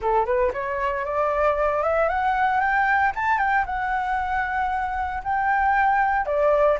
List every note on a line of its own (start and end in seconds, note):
0.01 0.25 A4
0.25 0.51 B4
0.53 1.05 C#5
1.05 1.83 D5
1.83 2.08 E5
2.08 2.60 F#5
2.60 3.12 G5
3.15 3.38 A5
3.38 3.64 G5
3.66 5.22 F#5
5.23 6.25 G5
6.25 6.78 D5